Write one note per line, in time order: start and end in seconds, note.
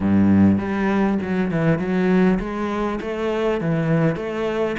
0.00 0.58 G2
0.58 1.18 G3
1.22 1.51 F#3
1.51 1.78 E3
1.78 2.38 F#3
2.39 2.99 G#3
3.00 3.60 A3
3.60 4.16 E3
4.16 4.75 A3